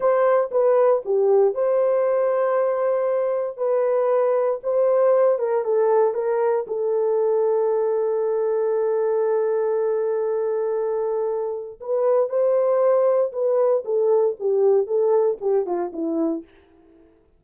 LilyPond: \new Staff \with { instrumentName = "horn" } { \time 4/4 \tempo 4 = 117 c''4 b'4 g'4 c''4~ | c''2. b'4~ | b'4 c''4. ais'8 a'4 | ais'4 a'2.~ |
a'1~ | a'2. b'4 | c''2 b'4 a'4 | g'4 a'4 g'8 f'8 e'4 | }